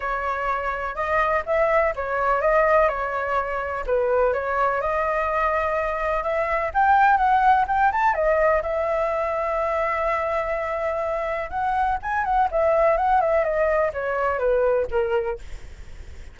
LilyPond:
\new Staff \with { instrumentName = "flute" } { \time 4/4 \tempo 4 = 125 cis''2 dis''4 e''4 | cis''4 dis''4 cis''2 | b'4 cis''4 dis''2~ | dis''4 e''4 g''4 fis''4 |
g''8 a''8 dis''4 e''2~ | e''1 | fis''4 gis''8 fis''8 e''4 fis''8 e''8 | dis''4 cis''4 b'4 ais'4 | }